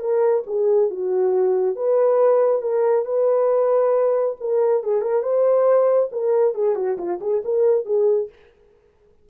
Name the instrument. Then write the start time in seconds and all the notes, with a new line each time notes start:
horn
0.00 A#4
0.47 G#4
0.91 F#4
1.76 B4
2.62 A#4
3.05 B4
4.41 A#4
4.83 G#4
5.02 A#4
5.23 C5
6.12 A#4
6.55 G#4
6.76 F#4
6.98 F4
7.21 G#4
7.45 A#4
7.86 G#4